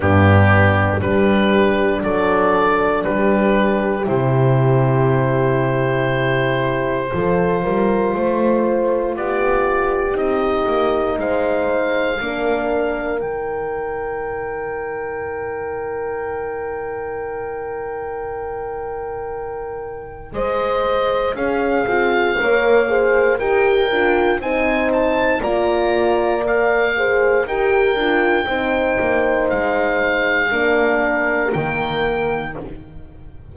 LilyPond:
<<
  \new Staff \with { instrumentName = "oboe" } { \time 4/4 \tempo 4 = 59 g'4 b'4 d''4 b'4 | c''1~ | c''4 d''4 dis''4 f''4~ | f''4 g''2.~ |
g''1 | dis''4 f''2 g''4 | gis''8 a''8 ais''4 f''4 g''4~ | g''4 f''2 g''4 | }
  \new Staff \with { instrumentName = "horn" } { \time 4/4 d'4 g'4 a'4 g'4~ | g'2. a'8 ais'8 | c''4 g'2 c''4 | ais'1~ |
ais'1 | c''4 gis'4 cis''8 c''8 ais'4 | c''4 d''4. c''8 ais'4 | c''2 ais'2 | }
  \new Staff \with { instrumentName = "horn" } { \time 4/4 b4 d'2. | e'2. f'4~ | f'2 dis'2 | d'4 dis'2.~ |
dis'1~ | dis'4 cis'8 f'8 ais'8 gis'8 g'8 f'8 | dis'4 f'4 ais'8 gis'8 g'8 f'8 | dis'2 d'4 ais4 | }
  \new Staff \with { instrumentName = "double bass" } { \time 4/4 g,4 g4 fis4 g4 | c2. f8 g8 | a4 b4 c'8 ais8 gis4 | ais4 dis2.~ |
dis1 | gis4 cis'8 c'8 ais4 dis'8 d'8 | c'4 ais2 dis'8 d'8 | c'8 ais8 gis4 ais4 dis4 | }
>>